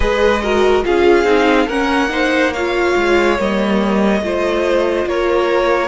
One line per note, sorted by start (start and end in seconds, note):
0.00 0.84 G#3
0.00 0.41 G#4
0.00 0.42 B4
0.00 0.84 D#5
0.42 0.83 F#4
0.42 0.84 A#4
0.83 1.24 C#4
0.83 1.24 F4
0.83 1.66 G#4
0.83 1.68 F5
1.24 1.66 C4
1.24 1.67 D#4
1.66 2.94 A#3
1.66 2.09 C#4
1.66 2.08 A#4
1.66 2.53 F#5
2.09 2.51 D#4
2.09 2.53 C5
2.53 3.38 F4
2.53 4.22 C#5
2.53 3.37 F5
2.96 3.38 G#3
3.38 4.20 G3
3.38 4.23 A#3
3.38 5.08 D#5
4.20 5.05 A3
4.20 5.87 F4
4.20 5.08 C5
5.05 5.87 A#3
5.05 5.87 A#4
5.05 5.87 C#5